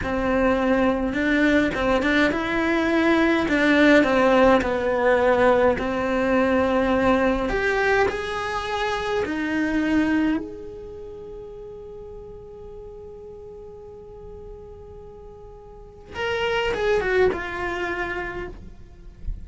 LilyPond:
\new Staff \with { instrumentName = "cello" } { \time 4/4 \tempo 4 = 104 c'2 d'4 c'8 d'8 | e'2 d'4 c'4 | b2 c'2~ | c'4 g'4 gis'2 |
dis'2 gis'2~ | gis'1~ | gis'1 | ais'4 gis'8 fis'8 f'2 | }